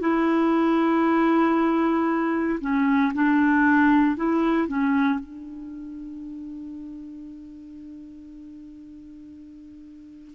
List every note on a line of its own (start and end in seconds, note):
0.00 2.59 E4
2.61 3.12 C#4
3.14 4.16 D4
4.16 4.67 E4
4.67 5.19 C#4
5.19 10.34 D4